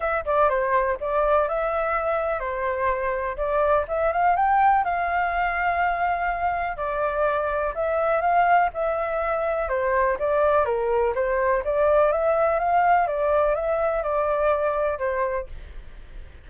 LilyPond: \new Staff \with { instrumentName = "flute" } { \time 4/4 \tempo 4 = 124 e''8 d''8 c''4 d''4 e''4~ | e''4 c''2 d''4 | e''8 f''8 g''4 f''2~ | f''2 d''2 |
e''4 f''4 e''2 | c''4 d''4 ais'4 c''4 | d''4 e''4 f''4 d''4 | e''4 d''2 c''4 | }